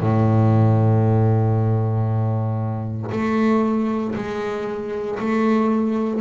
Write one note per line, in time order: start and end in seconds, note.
0.00 3.10 A2
3.11 4.15 A3
4.15 5.19 G#3
5.19 6.21 A3